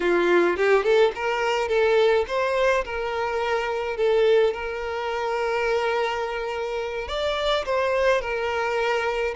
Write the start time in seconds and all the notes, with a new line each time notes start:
0.00 F4
0.56 G4
0.83 A4
1.15 A#4
1.68 A4
2.27 C5
2.85 A#4
3.96 A4
4.53 A#4
7.08 D5
7.65 C5
8.21 A#4